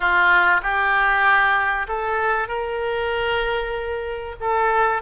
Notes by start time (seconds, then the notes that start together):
0.00 F4
0.62 G4
1.88 A4
2.48 A#4
4.40 A4